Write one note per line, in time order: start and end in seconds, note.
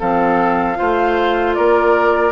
0.00 0.79 F3
0.00 0.76 C4
0.00 0.78 A4
0.00 1.55 F5
0.76 1.58 A3
0.76 2.32 F4
0.76 1.56 C5
1.55 2.32 A#3
1.55 2.32 A#4
1.55 2.32 D5